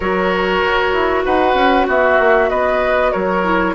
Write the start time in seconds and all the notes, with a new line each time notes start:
0.00 F#3 F#4 A#4 C#5
0.65 F#4
0.92 E4
1.24 D#4 B4 F#5
1.54 C#4
1.87 B3 F#4 E5
2.19 A#3
2.49 B3 B4 D#5
3.12 F#3 A#4 C#5
3.44 E4